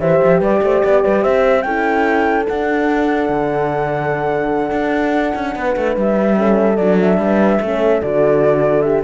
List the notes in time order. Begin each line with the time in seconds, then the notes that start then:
0.00 E3 G4 C5 E5
0.24 F3
0.39 G3 B4 D5
0.62 A3 C5
0.84 B3 D5
1.04 G3 B4
1.23 C4 C5 E5
1.62 C#4 E4 A4 G5
2.45 D4 F#5
3.29 D3
4.71 D4
5.35 C#4
5.56 B3 B4
5.76 A3
5.96 G3 E5
6.35 C#4 A4
6.77 F#3 D4 D5
7.00 E5
7.18 G3 B4
7.61 A3 C#4 A4
8.02 D3 F#4 D5
8.82 G4 E5